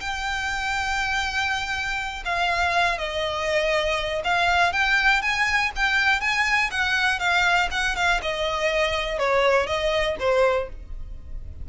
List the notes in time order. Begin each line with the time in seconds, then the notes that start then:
0.00 G5
2.25 F5
2.98 D#5
4.24 F5
4.72 G5
5.21 G#5
5.76 G5
6.21 G#5
6.71 F#5
7.19 F5
7.71 F#5
7.95 F5
8.22 D#5
9.18 C#5
9.66 D#5
10.19 C5